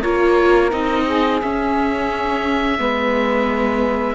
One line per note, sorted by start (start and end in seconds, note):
0.00 0.72 A#3
0.00 0.70 F4
0.00 1.03 A#4
0.00 0.71 C#5
0.70 1.41 C4
0.70 1.39 D#4
0.70 1.40 D#5
1.05 2.78 G#4
1.41 2.78 C#4
1.41 4.14 E5
2.78 4.14 G#3
2.78 4.14 B3
2.78 4.14 B4